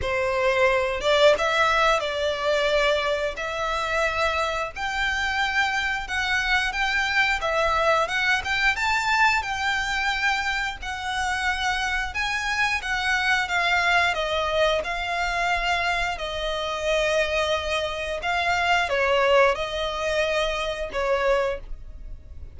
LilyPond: \new Staff \with { instrumentName = "violin" } { \time 4/4 \tempo 4 = 89 c''4. d''8 e''4 d''4~ | d''4 e''2 g''4~ | g''4 fis''4 g''4 e''4 | fis''8 g''8 a''4 g''2 |
fis''2 gis''4 fis''4 | f''4 dis''4 f''2 | dis''2. f''4 | cis''4 dis''2 cis''4 | }